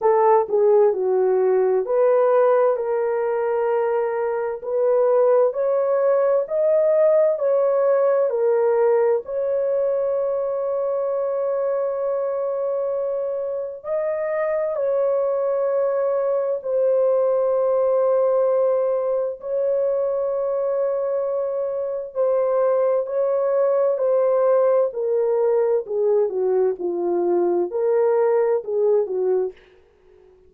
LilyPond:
\new Staff \with { instrumentName = "horn" } { \time 4/4 \tempo 4 = 65 a'8 gis'8 fis'4 b'4 ais'4~ | ais'4 b'4 cis''4 dis''4 | cis''4 ais'4 cis''2~ | cis''2. dis''4 |
cis''2 c''2~ | c''4 cis''2. | c''4 cis''4 c''4 ais'4 | gis'8 fis'8 f'4 ais'4 gis'8 fis'8 | }